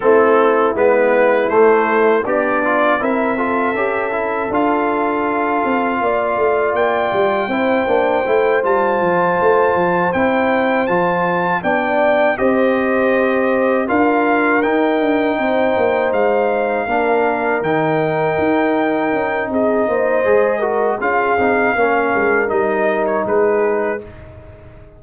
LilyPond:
<<
  \new Staff \with { instrumentName = "trumpet" } { \time 4/4 \tempo 4 = 80 a'4 b'4 c''4 d''4 | e''2 f''2~ | f''4 g''2~ g''8 a''8~ | a''4. g''4 a''4 g''8~ |
g''8 dis''2 f''4 g''8~ | g''4. f''2 g''8~ | g''2 dis''2 | f''2 dis''8. cis''16 b'4 | }
  \new Staff \with { instrumentName = "horn" } { \time 4/4 e'2. d'4 | ais'8 a'2.~ a'8 | d''2 c''2~ | c''2.~ c''8 d''8~ |
d''8 c''2 ais'4.~ | ais'8 c''2 ais'4.~ | ais'2 gis'8 c''4 ais'8 | gis'4 ais'2 gis'4 | }
  \new Staff \with { instrumentName = "trombone" } { \time 4/4 c'4 b4 a4 g'8 f'8 | e'8 f'8 g'8 e'8 f'2~ | f'2 e'8 d'8 e'8 f'8~ | f'4. e'4 f'4 d'8~ |
d'8 g'2 f'4 dis'8~ | dis'2~ dis'8 d'4 dis'8~ | dis'2. gis'8 fis'8 | f'8 dis'8 cis'4 dis'2 | }
  \new Staff \with { instrumentName = "tuba" } { \time 4/4 a4 gis4 a4 b4 | c'4 cis'4 d'4. c'8 | ais8 a8 ais8 g8 c'8 ais8 a8 g8 | f8 a8 f8 c'4 f4 b8~ |
b8 c'2 d'4 dis'8 | d'8 c'8 ais8 gis4 ais4 dis8~ | dis8 dis'4 cis'8 c'8 ais8 gis4 | cis'8 c'8 ais8 gis8 g4 gis4 | }
>>